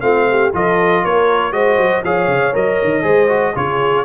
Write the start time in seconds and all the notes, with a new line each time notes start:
0.00 A3 C4 F4 F5
0.30 G4
0.53 F3 F4 A4 D#5
1.04 A#3 A#4 C#5
1.51 G#3 F#4 C5 D#5
1.77 F#3
2.03 F3 G#4 C#5 F5
2.27 C#3
2.53 F#3 A#4 D#5
2.83 D#3
3.02 G#3 G#4 C5
3.28 F#4
3.54 C#3 F4 G#4 C#5